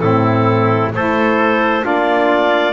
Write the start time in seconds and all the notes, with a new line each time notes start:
0.00 A2 C4 E4 A4
0.93 A3 E4 A4 C5
1.82 A#3 D4 F4 D5